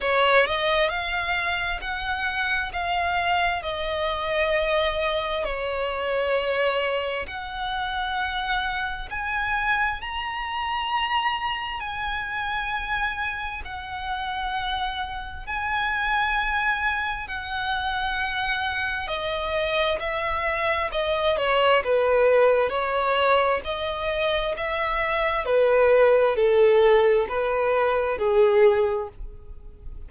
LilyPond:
\new Staff \with { instrumentName = "violin" } { \time 4/4 \tempo 4 = 66 cis''8 dis''8 f''4 fis''4 f''4 | dis''2 cis''2 | fis''2 gis''4 ais''4~ | ais''4 gis''2 fis''4~ |
fis''4 gis''2 fis''4~ | fis''4 dis''4 e''4 dis''8 cis''8 | b'4 cis''4 dis''4 e''4 | b'4 a'4 b'4 gis'4 | }